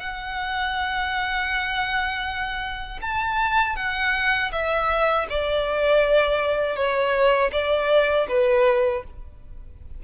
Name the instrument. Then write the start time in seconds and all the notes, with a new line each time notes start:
violin
0.00 F#5
3.02 A5
3.76 F#5
4.52 E5
5.30 D5
6.76 C#5
7.52 D5
8.29 B4